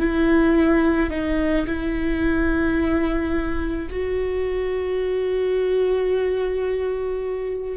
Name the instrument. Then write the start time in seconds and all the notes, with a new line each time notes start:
viola
0.00 E4
1.11 D#4
1.67 E4
3.90 F#4